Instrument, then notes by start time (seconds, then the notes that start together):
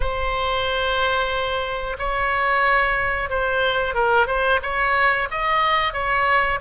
oboe
0.00 C5
1.98 C#5
3.29 C5
3.94 A#4
4.26 C5
4.62 C#5
5.30 D#5
5.93 C#5